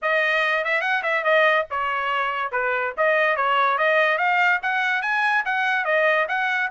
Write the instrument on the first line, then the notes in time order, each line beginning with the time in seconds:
trumpet
0.02 D#5
0.64 E5
0.81 F#5
1.03 E5
1.23 D#5
1.70 C#5
2.51 B4
2.97 D#5
3.36 C#5
3.77 D#5
4.17 F5
4.62 F#5
5.01 G#5
5.45 F#5
5.84 D#5
6.28 F#5